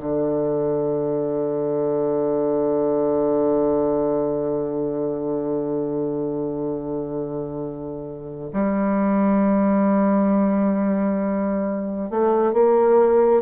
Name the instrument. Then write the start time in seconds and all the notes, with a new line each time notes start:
bassoon
0.00 D3
8.53 G3
12.11 A3
12.53 A#3